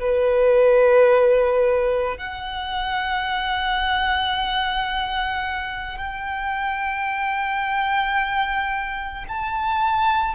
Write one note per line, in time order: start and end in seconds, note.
0.00 2.18 B4
2.18 5.98 F#5
5.98 9.25 G5
9.28 10.34 A5